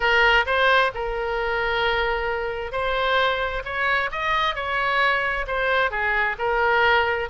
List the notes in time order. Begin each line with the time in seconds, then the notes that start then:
0.00 A#4
0.45 C5
0.94 A#4
2.71 C5
3.64 C#5
4.11 D#5
4.55 C#5
5.47 C5
5.90 G#4
6.38 A#4